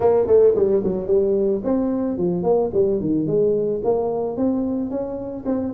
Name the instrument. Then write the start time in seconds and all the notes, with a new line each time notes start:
tuba
0.00 A#3
0.26 A3
0.55 G3
0.83 F#3
1.07 G3
1.64 C4
2.17 F3
2.43 A#3
2.73 G3
3.00 D#3
3.27 G#3
3.84 A#3
4.37 C4
4.90 C#4
5.45 C4